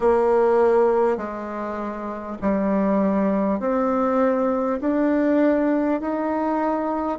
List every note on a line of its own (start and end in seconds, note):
0.00 1.17 A#3
1.17 2.37 G#3
2.41 3.59 G3
3.59 4.79 C4
4.81 6.00 D4
6.00 7.18 D#4